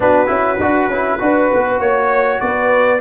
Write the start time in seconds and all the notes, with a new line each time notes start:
0.00 B3 D4 F#4 B4
0.26 C#4 E4
0.59 D4 F#4
0.87 C#4 E4
1.19 D4 F#4 B4
1.53 B3
1.79 A#3 C#5
2.40 B3 B4 D5